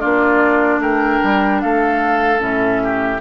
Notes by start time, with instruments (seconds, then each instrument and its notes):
0.00 bassoon A#3, clarinet D4, oboe F4, flute D5
0.79 bassoon A3, oboe A#4, flute G5
1.24 bassoon G3
1.61 bassoon A3, oboe A4, flute F5
2.40 bassoon A2, clarinet C#4, flute E5
2.83 oboe G4